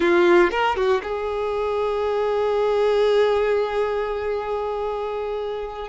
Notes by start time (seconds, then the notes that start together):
0.00 F4
0.51 A#4
0.76 F#4
1.03 G#4